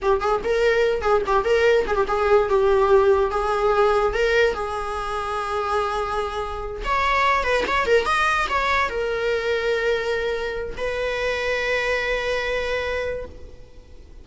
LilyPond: \new Staff \with { instrumentName = "viola" } { \time 4/4 \tempo 4 = 145 g'8 gis'8 ais'4. gis'8 g'8 ais'8~ | ais'8 gis'16 g'16 gis'4 g'2 | gis'2 ais'4 gis'4~ | gis'1~ |
gis'8 cis''4. b'8 cis''8 ais'8 dis''8~ | dis''8 cis''4 ais'2~ ais'8~ | ais'2 b'2~ | b'1 | }